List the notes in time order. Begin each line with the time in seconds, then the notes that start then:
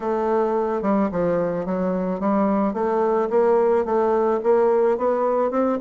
0.00 A3
0.82 G3
1.11 F3
1.65 F#3
2.20 G3
2.73 A3
3.30 A#3
3.85 A3
4.43 A#3
4.97 B3
5.50 C4